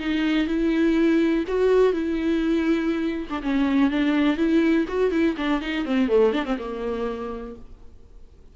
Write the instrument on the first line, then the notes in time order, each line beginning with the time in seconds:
viola
0.00 D#4
0.47 E4
1.48 F#4
1.93 E4
3.30 D4
3.43 C#4
3.91 D4
4.37 E4
4.88 F#4
5.12 E4
5.37 D4
5.62 D#4
5.86 C4
6.09 A3
6.33 D4
6.46 C4
6.59 A#3